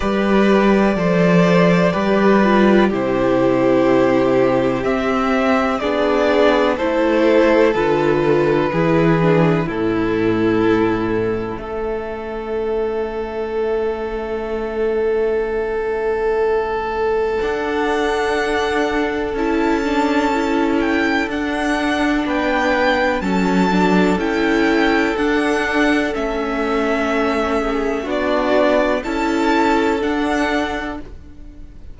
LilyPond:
<<
  \new Staff \with { instrumentName = "violin" } { \time 4/4 \tempo 4 = 62 d''2. c''4~ | c''4 e''4 d''4 c''4 | b'2 a'2 | e''1~ |
e''2 fis''2 | a''4. g''8 fis''4 g''4 | a''4 g''4 fis''4 e''4~ | e''4 d''4 a''4 fis''4 | }
  \new Staff \with { instrumentName = "violin" } { \time 4/4 b'4 c''4 b'4 g'4~ | g'2 gis'4 a'4~ | a'4 gis'4 e'2 | a'1~ |
a'1~ | a'2. b'4 | a'1~ | a'8 gis'8 fis'4 a'2 | }
  \new Staff \with { instrumentName = "viola" } { \time 4/4 g'4 a'4 g'8 f'8 e'4~ | e'4 c'4 d'4 e'4 | f'4 e'8 d'8 cis'2~ | cis'1~ |
cis'2 d'2 | e'8 d'8 e'4 d'2 | cis'8 d'8 e'4 d'4 cis'4~ | cis'4 d'4 e'4 d'4 | }
  \new Staff \with { instrumentName = "cello" } { \time 4/4 g4 f4 g4 c4~ | c4 c'4 b4 a4 | d4 e4 a,2 | a1~ |
a2 d'2 | cis'2 d'4 b4 | fis4 cis'4 d'4 a4~ | a4 b4 cis'4 d'4 | }
>>